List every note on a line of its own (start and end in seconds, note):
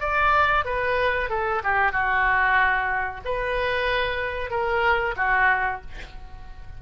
0.00 0.65 D5
0.65 1.29 B4
1.29 1.62 A4
1.63 1.92 G4
1.92 3.21 F#4
3.25 4.50 B4
4.50 5.15 A#4
5.16 5.81 F#4